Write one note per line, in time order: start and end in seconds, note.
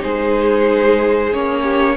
0.00 1.33 G#3
0.00 1.30 D#4
0.00 1.62 G#4
0.00 1.33 C5
1.33 1.97 A#3
1.33 1.97 C#4
1.33 1.97 C#5
1.62 1.95 G4